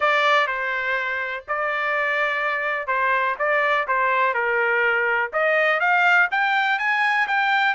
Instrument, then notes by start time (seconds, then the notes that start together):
trumpet
0.00 D5
0.47 C5
1.48 D5
2.87 C5
3.38 D5
3.87 C5
4.34 A#4
5.32 D#5
5.80 F5
6.31 G5
6.78 G#5
7.27 G5